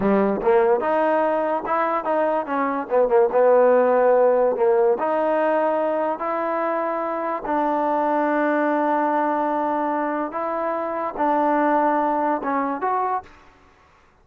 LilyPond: \new Staff \with { instrumentName = "trombone" } { \time 4/4 \tempo 4 = 145 g4 ais4 dis'2 | e'4 dis'4 cis'4 b8 ais8 | b2. ais4 | dis'2. e'4~ |
e'2 d'2~ | d'1~ | d'4 e'2 d'4~ | d'2 cis'4 fis'4 | }